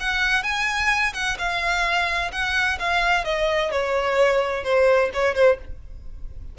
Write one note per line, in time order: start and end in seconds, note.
0.00 0.43 F#5
0.43 1.13 G#5
1.14 1.37 F#5
1.38 2.31 F5
2.32 2.78 F#5
2.79 3.24 F5
3.24 3.71 D#5
3.71 4.64 C#5
4.64 5.10 C5
5.13 5.35 C#5
5.35 5.58 C5